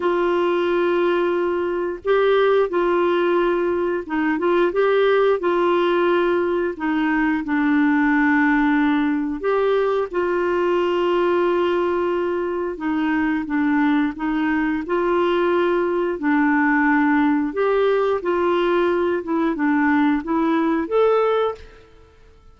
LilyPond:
\new Staff \with { instrumentName = "clarinet" } { \time 4/4 \tempo 4 = 89 f'2. g'4 | f'2 dis'8 f'8 g'4 | f'2 dis'4 d'4~ | d'2 g'4 f'4~ |
f'2. dis'4 | d'4 dis'4 f'2 | d'2 g'4 f'4~ | f'8 e'8 d'4 e'4 a'4 | }